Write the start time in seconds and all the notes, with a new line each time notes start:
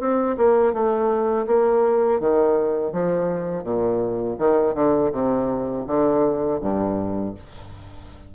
0.00 C4
0.37 A#3
0.73 A3
1.47 A#3
2.20 D#3
2.92 F3
3.64 A#2
4.38 D#3
4.74 D3
5.12 C3
5.87 D3
6.61 G2